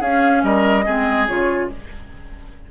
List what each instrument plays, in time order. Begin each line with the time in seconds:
0.00 bassoon C#4, clarinet C#4, oboe G#4, flute F5
0.43 bassoon G3, oboe A#4, flute D#5
0.85 bassoon G#3, clarinet C4, oboe G#4
1.27 bassoon C#3, clarinet F4, flute C#5